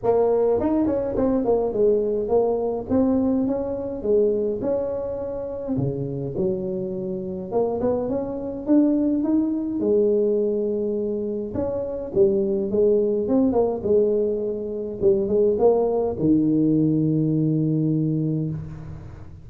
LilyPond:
\new Staff \with { instrumentName = "tuba" } { \time 4/4 \tempo 4 = 104 ais4 dis'8 cis'8 c'8 ais8 gis4 | ais4 c'4 cis'4 gis4 | cis'2 cis4 fis4~ | fis4 ais8 b8 cis'4 d'4 |
dis'4 gis2. | cis'4 g4 gis4 c'8 ais8 | gis2 g8 gis8 ais4 | dis1 | }